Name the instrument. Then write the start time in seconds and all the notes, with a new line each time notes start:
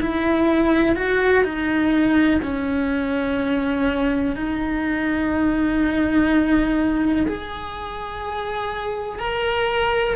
cello
0.00 E4
0.95 F#4
1.43 D#4
2.42 C#4
4.35 D#4
7.27 G#4
9.19 A#4